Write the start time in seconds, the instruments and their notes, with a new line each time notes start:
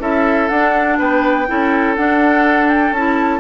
0.00 bassoon C#4, clarinet E4, oboe A4, flute E5
0.49 bassoon D4, clarinet D4, flute F#5
0.99 bassoon B3, oboe B4, flute G5
1.47 bassoon C#4, clarinet E4, oboe A4
1.96 bassoon D4, clarinet D4, flute F#5
2.68 flute G5
2.91 bassoon C#4, clarinet E4, flute A5